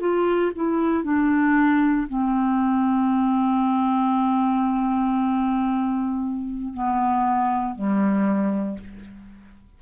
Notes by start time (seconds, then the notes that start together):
0.00 F4
0.55 E4
1.03 D4
2.08 C4
6.74 B3
7.75 G3